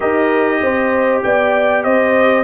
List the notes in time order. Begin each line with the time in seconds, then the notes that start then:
0.00 D#4 G4 A#4 D#5
0.61 C4 C5
1.23 B3 D5 G5
1.83 C4 C5 D#5